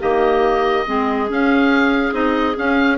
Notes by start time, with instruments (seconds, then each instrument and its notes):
0.00 bassoon D#3, clarinet A#3 G4, oboe D#5
0.87 bassoon G#3, clarinet C4 G#4
1.28 clarinet C#4, bassoon C#4, oboe F5
2.12 bassoon C4, clarinet D#4, oboe D#5
2.56 clarinet C#4, bassoon C#4, oboe F5